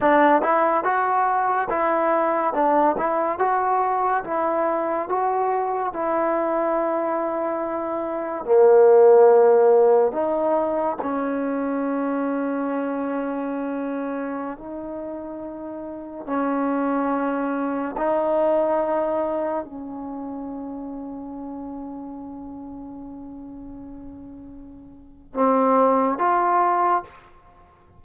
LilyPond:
\new Staff \with { instrumentName = "trombone" } { \time 4/4 \tempo 4 = 71 d'8 e'8 fis'4 e'4 d'8 e'8 | fis'4 e'4 fis'4 e'4~ | e'2 ais2 | dis'4 cis'2.~ |
cis'4~ cis'16 dis'2 cis'8.~ | cis'4~ cis'16 dis'2 cis'8.~ | cis'1~ | cis'2 c'4 f'4 | }